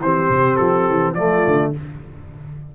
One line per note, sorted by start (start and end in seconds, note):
0.00 0.29 E3
0.00 1.17 C4
0.00 1.14 G4
0.00 0.56 C5
0.30 0.58 C3
0.56 0.88 F3
0.56 1.13 A4
0.88 1.14 E3
1.14 1.42 F3
1.14 1.74 A3
1.14 1.72 F4
1.14 1.71 D5
1.47 1.75 D3